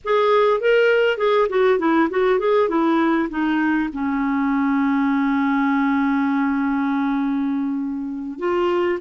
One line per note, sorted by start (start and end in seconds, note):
0.04 0.60 G#4
0.60 1.17 A#4
1.17 1.47 G#4
1.49 1.78 F#4
1.78 2.08 E4
2.09 2.39 F#4
2.39 2.68 G#4
2.68 3.28 E4
3.29 3.89 D#4
3.92 8.38 C#4
8.38 8.98 F4